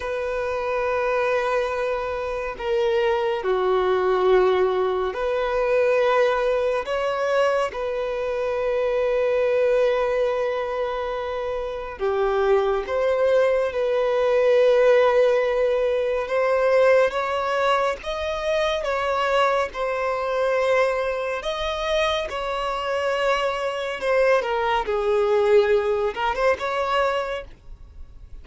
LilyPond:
\new Staff \with { instrumentName = "violin" } { \time 4/4 \tempo 4 = 70 b'2. ais'4 | fis'2 b'2 | cis''4 b'2.~ | b'2 g'4 c''4 |
b'2. c''4 | cis''4 dis''4 cis''4 c''4~ | c''4 dis''4 cis''2 | c''8 ais'8 gis'4. ais'16 c''16 cis''4 | }